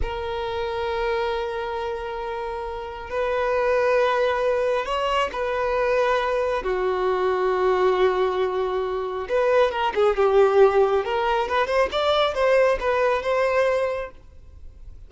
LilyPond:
\new Staff \with { instrumentName = "violin" } { \time 4/4 \tempo 4 = 136 ais'1~ | ais'2. b'4~ | b'2. cis''4 | b'2. fis'4~ |
fis'1~ | fis'4 b'4 ais'8 gis'8 g'4~ | g'4 ais'4 b'8 c''8 d''4 | c''4 b'4 c''2 | }